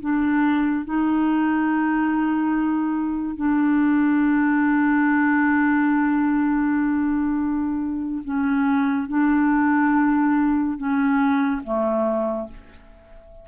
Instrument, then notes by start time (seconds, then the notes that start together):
clarinet
0.00 D4
0.85 D#4
3.36 D4
8.24 C#4
9.08 D4
10.77 C#4
11.63 A3